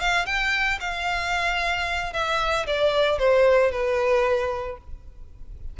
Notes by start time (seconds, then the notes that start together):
0.00 F5
0.26 G5
0.80 F5
2.13 E5
2.66 D5
3.18 C5
3.71 B4